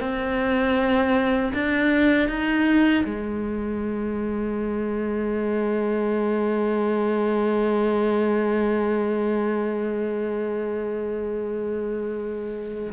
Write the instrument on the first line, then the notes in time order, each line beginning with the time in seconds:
cello
0.00 C4
1.53 D4
2.28 D#4
3.05 G#3